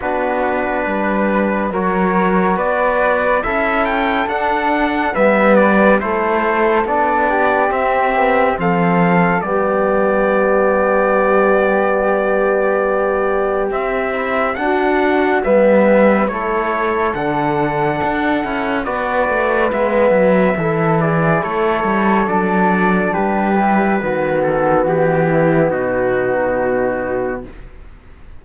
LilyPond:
<<
  \new Staff \with { instrumentName = "trumpet" } { \time 4/4 \tempo 4 = 70 b'2 cis''4 d''4 | e''8 g''8 fis''4 e''8 d''8 c''4 | d''4 e''4 f''4 d''4~ | d''1 |
e''4 fis''4 e''4 cis''4 | fis''2 d''4 e''4~ | e''8 d''8 cis''4 d''4 b'4~ | b'8 a'8 g'4 fis'2 | }
  \new Staff \with { instrumentName = "flute" } { \time 4/4 fis'4 b'4 ais'4 b'4 | a'2 b'4 a'4~ | a'8 g'4. a'4 g'4~ | g'1~ |
g'4 fis'4 b'4 a'4~ | a'2 b'2 | a'8 gis'8 a'2 g'4 | fis'4. e'8 dis'2 | }
  \new Staff \with { instrumentName = "trombone" } { \time 4/4 d'2 fis'2 | e'4 d'4 b4 e'4 | d'4 c'8 b8 c'4 b4~ | b1 |
c'8 e'8 d'4 b4 e'4 | d'4. e'8 fis'4 b4 | e'2 d'4. e'8 | b1 | }
  \new Staff \with { instrumentName = "cello" } { \time 4/4 b4 g4 fis4 b4 | cis'4 d'4 g4 a4 | b4 c'4 f4 g4~ | g1 |
c'4 d'4 g4 a4 | d4 d'8 cis'8 b8 a8 gis8 fis8 | e4 a8 g8 fis4 g4 | dis4 e4 b,2 | }
>>